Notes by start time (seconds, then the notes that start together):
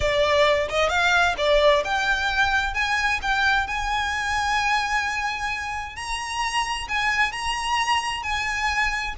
0.00 D5
0.68 D#5
0.89 F5
1.37 D5
1.84 G5
2.74 G#5
3.22 G5
3.67 G#5
5.96 A#5
6.88 G#5
7.32 A#5
8.22 G#5